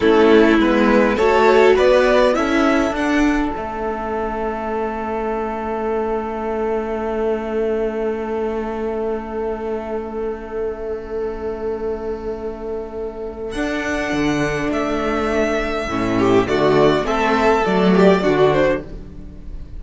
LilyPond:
<<
  \new Staff \with { instrumentName = "violin" } { \time 4/4 \tempo 4 = 102 a'4 b'4 cis''4 d''4 | e''4 fis''4 e''2~ | e''1~ | e''1~ |
e''1~ | e''2. fis''4~ | fis''4 e''2. | d''4 e''4 d''4. c''8 | }
  \new Staff \with { instrumentName = "violin" } { \time 4/4 e'2 a'4 b'4 | a'1~ | a'1~ | a'1~ |
a'1~ | a'1~ | a'2.~ a'8 g'8 | fis'4 a'4. g'8 fis'4 | }
  \new Staff \with { instrumentName = "viola" } { \time 4/4 cis'4 b4 fis'2 | e'4 d'4 cis'2~ | cis'1~ | cis'1~ |
cis'1~ | cis'2. d'4~ | d'2. cis'4 | a4 c'4 a4 d'4 | }
  \new Staff \with { instrumentName = "cello" } { \time 4/4 a4 gis4 a4 b4 | cis'4 d'4 a2~ | a1~ | a1~ |
a1~ | a2. d'4 | d4 a2 a,4 | d4 a4 fis4 d4 | }
>>